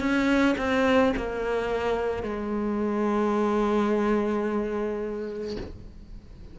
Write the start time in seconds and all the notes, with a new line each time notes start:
0.00 C#4
0.58 C4
1.17 A#3
2.23 G#3